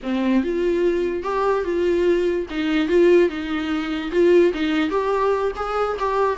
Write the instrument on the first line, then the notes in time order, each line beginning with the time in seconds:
viola
0.02 C4
0.43 F4
1.23 G4
1.64 F4
2.50 D#4
2.88 F4
3.29 D#4
4.11 F4
4.53 D#4
4.89 G4
5.56 G#4
5.99 G4